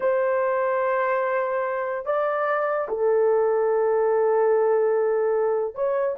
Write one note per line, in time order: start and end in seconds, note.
0.00 2.05 C5
2.05 2.87 D5
2.88 5.74 A4
5.74 6.16 C#5